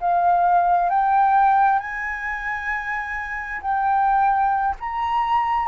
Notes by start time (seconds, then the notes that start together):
0.00 F5
0.89 G5
1.79 G#5
3.61 G5
4.80 A#5